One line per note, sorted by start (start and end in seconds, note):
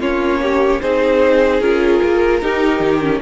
0.00 0.80 A#3
0.00 0.81 C#4
0.00 0.40 F4
0.00 0.81 C#5
0.43 0.82 G4
0.81 1.61 C4
0.81 1.62 D#4
0.81 2.42 G#4
0.81 1.61 C5
1.61 2.01 C#4
1.61 2.42 F4
1.61 3.21 A#4
2.03 2.43 A#3
2.42 3.02 D#4
2.42 2.80 D#4
2.42 3.22 G4
2.80 3.20 D#3
3.02 3.22 C#4